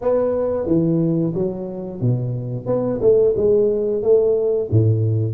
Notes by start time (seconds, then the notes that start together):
0.01 B3
0.66 E3
1.34 F#3
2.00 B2
2.66 B3
3.01 A3
3.36 G#3
4.02 A3
4.70 A2